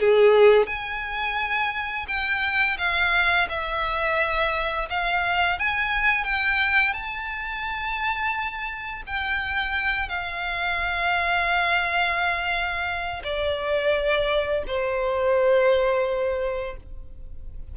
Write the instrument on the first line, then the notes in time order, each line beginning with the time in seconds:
violin
0.00 G#4
0.67 G#5
2.08 G5
2.78 F5
3.49 E5
4.90 F5
5.59 G#5
6.25 G5
6.94 A5
9.07 G5
10.09 F5
13.24 D5
14.68 C5